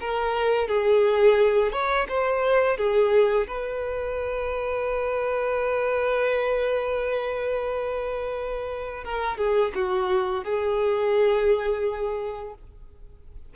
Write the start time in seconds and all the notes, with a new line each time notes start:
0.00 A#4
0.68 G#4
1.72 C#5
2.08 C5
2.77 G#4
3.47 B4
9.04 A#4
9.37 G#4
9.75 F#4
10.44 G#4